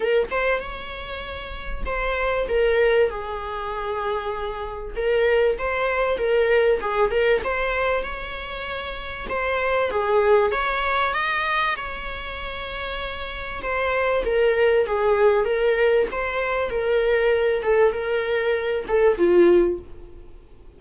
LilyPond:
\new Staff \with { instrumentName = "viola" } { \time 4/4 \tempo 4 = 97 ais'8 c''8 cis''2 c''4 | ais'4 gis'2. | ais'4 c''4 ais'4 gis'8 ais'8 | c''4 cis''2 c''4 |
gis'4 cis''4 dis''4 cis''4~ | cis''2 c''4 ais'4 | gis'4 ais'4 c''4 ais'4~ | ais'8 a'8 ais'4. a'8 f'4 | }